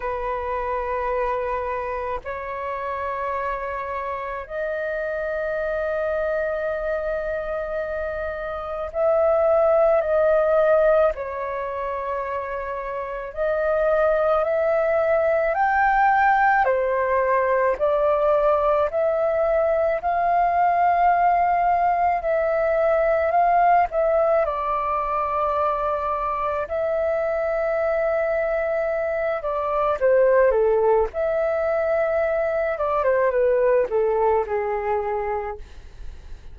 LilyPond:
\new Staff \with { instrumentName = "flute" } { \time 4/4 \tempo 4 = 54 b'2 cis''2 | dis''1 | e''4 dis''4 cis''2 | dis''4 e''4 g''4 c''4 |
d''4 e''4 f''2 | e''4 f''8 e''8 d''2 | e''2~ e''8 d''8 c''8 a'8 | e''4. d''16 c''16 b'8 a'8 gis'4 | }